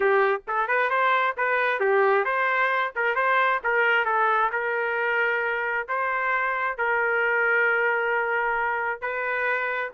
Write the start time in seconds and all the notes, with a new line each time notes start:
0.00 G4
0.47 A4
0.67 B4
0.90 C5
1.37 B4
1.79 G4
2.24 C5
2.95 A#4
3.15 C5
3.63 A#4
4.05 A4
4.52 A#4
5.88 C5
6.77 A#4
9.01 B4